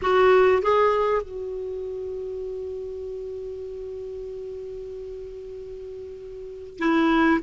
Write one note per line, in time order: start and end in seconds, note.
0.02 0.62 F#4
0.62 1.22 G#4
1.22 6.78 F#4
6.78 7.40 E4